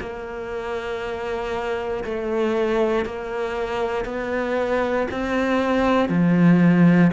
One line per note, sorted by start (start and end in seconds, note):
0.00 2.03 A#3
2.04 3.05 A3
3.05 4.05 A#3
4.05 5.07 B3
5.11 6.09 C4
6.09 7.11 F3